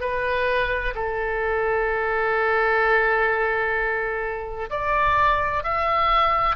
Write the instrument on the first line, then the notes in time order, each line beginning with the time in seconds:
oboe
0.00 B4
0.95 A4
4.70 D5
5.63 E5